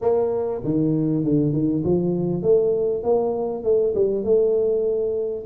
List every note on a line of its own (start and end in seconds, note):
0.01 0.61 A#3
0.64 1.24 D#3
1.24 1.52 D3
1.52 1.83 D#3
1.84 2.42 F3
2.42 3.03 A3
3.03 3.63 A#3
3.63 3.94 A3
3.94 4.23 G3
4.23 5.45 A3